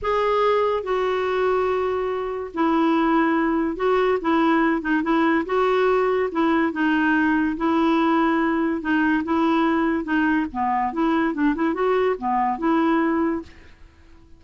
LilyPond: \new Staff \with { instrumentName = "clarinet" } { \time 4/4 \tempo 4 = 143 gis'2 fis'2~ | fis'2 e'2~ | e'4 fis'4 e'4. dis'8 | e'4 fis'2 e'4 |
dis'2 e'2~ | e'4 dis'4 e'2 | dis'4 b4 e'4 d'8 e'8 | fis'4 b4 e'2 | }